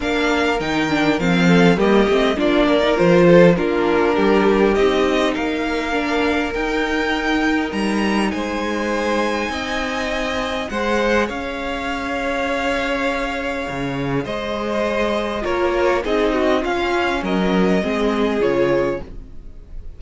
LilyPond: <<
  \new Staff \with { instrumentName = "violin" } { \time 4/4 \tempo 4 = 101 f''4 g''4 f''4 dis''4 | d''4 c''4 ais'2 | dis''4 f''2 g''4~ | g''4 ais''4 gis''2~ |
gis''2 fis''4 f''4~ | f''1 | dis''2 cis''4 dis''4 | f''4 dis''2 cis''4 | }
  \new Staff \with { instrumentName = "violin" } { \time 4/4 ais'2~ ais'8 a'8 g'4 | f'8 ais'4 a'8 f'4 g'4~ | g'4 ais'2.~ | ais'2 c''2 |
dis''2 c''4 cis''4~ | cis''1 | c''2 ais'4 gis'8 fis'8 | f'4 ais'4 gis'2 | }
  \new Staff \with { instrumentName = "viola" } { \time 4/4 d'4 dis'8 d'8 c'4 ais8 c'8 | d'8. dis'16 f'4 d'2 | dis'2 d'4 dis'4~ | dis'1~ |
dis'2 gis'2~ | gis'1~ | gis'2 f'4 dis'4 | cis'2 c'4 f'4 | }
  \new Staff \with { instrumentName = "cello" } { \time 4/4 ais4 dis4 f4 g8 a8 | ais4 f4 ais4 g4 | c'4 ais2 dis'4~ | dis'4 g4 gis2 |
c'2 gis4 cis'4~ | cis'2. cis4 | gis2 ais4 c'4 | cis'4 fis4 gis4 cis4 | }
>>